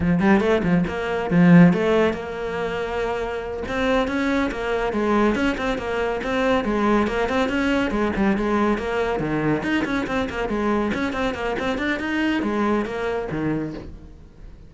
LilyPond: \new Staff \with { instrumentName = "cello" } { \time 4/4 \tempo 4 = 140 f8 g8 a8 f8 ais4 f4 | a4 ais2.~ | ais8 c'4 cis'4 ais4 gis8~ | gis8 cis'8 c'8 ais4 c'4 gis8~ |
gis8 ais8 c'8 cis'4 gis8 g8 gis8~ | gis8 ais4 dis4 dis'8 cis'8 c'8 | ais8 gis4 cis'8 c'8 ais8 c'8 d'8 | dis'4 gis4 ais4 dis4 | }